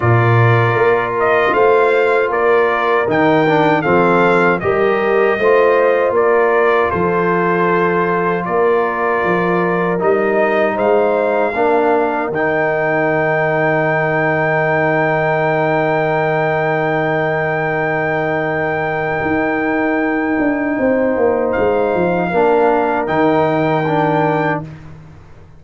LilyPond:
<<
  \new Staff \with { instrumentName = "trumpet" } { \time 4/4 \tempo 4 = 78 d''4. dis''8 f''4 d''4 | g''4 f''4 dis''2 | d''4 c''2 d''4~ | d''4 dis''4 f''2 |
g''1~ | g''1~ | g''1 | f''2 g''2 | }
  \new Staff \with { instrumentName = "horn" } { \time 4/4 ais'2 c''4 ais'4~ | ais'4 a'4 ais'4 c''4 | ais'4 a'2 ais'4~ | ais'2 c''4 ais'4~ |
ais'1~ | ais'1~ | ais'2. c''4~ | c''4 ais'2. | }
  \new Staff \with { instrumentName = "trombone" } { \time 4/4 f'1 | dis'8 d'8 c'4 g'4 f'4~ | f'1~ | f'4 dis'2 d'4 |
dis'1~ | dis'1~ | dis'1~ | dis'4 d'4 dis'4 d'4 | }
  \new Staff \with { instrumentName = "tuba" } { \time 4/4 ais,4 ais4 a4 ais4 | dis4 f4 g4 a4 | ais4 f2 ais4 | f4 g4 gis4 ais4 |
dis1~ | dis1~ | dis4 dis'4. d'8 c'8 ais8 | gis8 f8 ais4 dis2 | }
>>